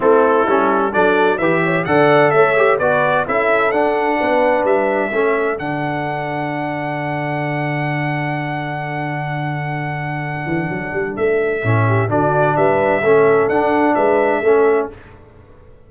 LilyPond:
<<
  \new Staff \with { instrumentName = "trumpet" } { \time 4/4 \tempo 4 = 129 a'2 d''4 e''4 | fis''4 e''4 d''4 e''4 | fis''2 e''2 | fis''1~ |
fis''1~ | fis''1 | e''2 d''4 e''4~ | e''4 fis''4 e''2 | }
  \new Staff \with { instrumentName = "horn" } { \time 4/4 e'2 a'4 b'8 cis''8 | d''4 cis''4 b'4 a'4~ | a'4 b'2 a'4~ | a'1~ |
a'1~ | a'1~ | a'4. g'8 fis'4 b'4 | a'2 b'4 a'4 | }
  \new Staff \with { instrumentName = "trombone" } { \time 4/4 c'4 cis'4 d'4 g'4 | a'4. g'8 fis'4 e'4 | d'2. cis'4 | d'1~ |
d'1~ | d'1~ | d'4 cis'4 d'2 | cis'4 d'2 cis'4 | }
  \new Staff \with { instrumentName = "tuba" } { \time 4/4 a4 g4 fis4 e4 | d4 a4 b4 cis'4 | d'4 b4 g4 a4 | d1~ |
d1~ | d2~ d8 e8 fis8 g8 | a4 a,4 d4 g4 | a4 d'4 gis4 a4 | }
>>